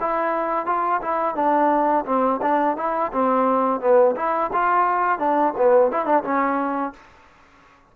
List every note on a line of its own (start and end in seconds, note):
0.00 0.66 E4
0.66 1.01 F4
1.02 1.35 E4
1.35 2.05 D4
2.06 2.41 C4
2.42 2.77 D4
2.77 3.12 E4
3.12 3.81 C4
3.81 4.15 B3
4.16 4.51 E4
4.53 5.19 F4
5.19 5.54 D4
5.58 5.92 B3
5.92 6.06 E4
6.06 6.23 D4
6.24 6.94 C#4